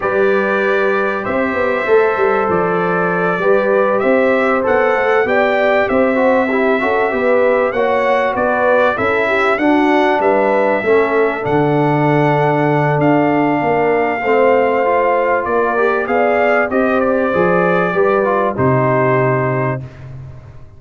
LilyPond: <<
  \new Staff \with { instrumentName = "trumpet" } { \time 4/4 \tempo 4 = 97 d''2 e''2 | d''2~ d''8 e''4 fis''8~ | fis''8 g''4 e''2~ e''8~ | e''8 fis''4 d''4 e''4 fis''8~ |
fis''8 e''2 fis''4.~ | fis''4 f''2.~ | f''4 d''4 f''4 dis''8 d''8~ | d''2 c''2 | }
  \new Staff \with { instrumentName = "horn" } { \time 4/4 b'2 c''2~ | c''4. b'4 c''4.~ | c''8 d''4 c''4 g'8 a'8 b'8~ | b'8 cis''4 b'4 a'8 g'8 fis'8~ |
fis'8 b'4 a'2~ a'8~ | a'2 ais'4 c''4~ | c''4 ais'4 d''4 c''4~ | c''4 b'4 g'2 | }
  \new Staff \with { instrumentName = "trombone" } { \time 4/4 g'2. a'4~ | a'4. g'2 a'8~ | a'8 g'4. fis'8 e'8 fis'8 g'8~ | g'8 fis'2 e'4 d'8~ |
d'4. cis'4 d'4.~ | d'2. c'4 | f'4. g'8 gis'4 g'4 | gis'4 g'8 f'8 dis'2 | }
  \new Staff \with { instrumentName = "tuba" } { \time 4/4 g2 c'8 b8 a8 g8 | f4. g4 c'4 b8 | a8 b4 c'4. cis'8 b8~ | b8 ais4 b4 cis'4 d'8~ |
d'8 g4 a4 d4.~ | d4 d'4 ais4 a4~ | a4 ais4 b4 c'4 | f4 g4 c2 | }
>>